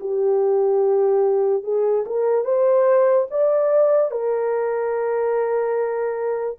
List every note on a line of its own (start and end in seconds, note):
0.00 1.63 G4
1.63 2.04 G#4
2.06 2.45 A#4
2.45 3.27 C5
3.31 4.11 D5
4.11 6.58 A#4